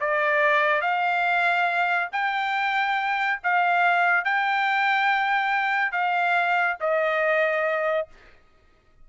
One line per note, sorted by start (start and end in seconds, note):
0.00 0.81 D5
0.81 2.09 F5
2.12 3.40 G5
3.43 4.24 F5
4.24 5.92 G5
5.92 6.77 F5
6.80 8.08 D#5